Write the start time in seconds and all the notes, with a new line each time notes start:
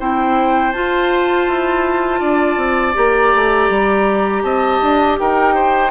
0.00 C4 E4 C5 G5
0.73 F4 A5
1.48 E4
2.20 D4 D5
2.57 C4
2.94 A#3 G4 A#5
3.35 A3
3.70 G3
4.43 C4 D#5 A5
4.82 D4
5.20 D#4 A#4 G5
5.55 C5